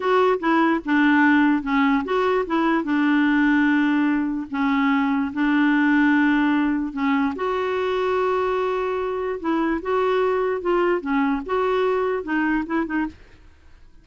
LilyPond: \new Staff \with { instrumentName = "clarinet" } { \time 4/4 \tempo 4 = 147 fis'4 e'4 d'2 | cis'4 fis'4 e'4 d'4~ | d'2. cis'4~ | cis'4 d'2.~ |
d'4 cis'4 fis'2~ | fis'2. e'4 | fis'2 f'4 cis'4 | fis'2 dis'4 e'8 dis'8 | }